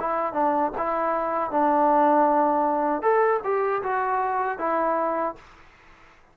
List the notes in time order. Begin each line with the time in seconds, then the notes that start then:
0.00 E4
0.33 D4
0.78 E4
1.51 D4
3.02 A4
3.44 G4
3.83 F#4
4.58 E4